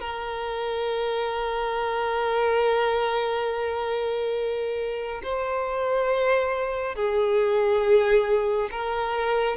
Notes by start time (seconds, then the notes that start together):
0.00 A#4
5.23 C5
6.95 G#4
8.71 A#4